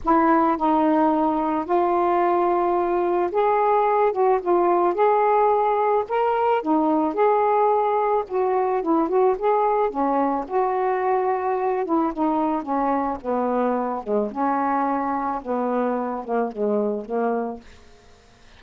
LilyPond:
\new Staff \with { instrumentName = "saxophone" } { \time 4/4 \tempo 4 = 109 e'4 dis'2 f'4~ | f'2 gis'4. fis'8 | f'4 gis'2 ais'4 | dis'4 gis'2 fis'4 |
e'8 fis'8 gis'4 cis'4 fis'4~ | fis'4. e'8 dis'4 cis'4 | b4. gis8 cis'2 | b4. ais8 gis4 ais4 | }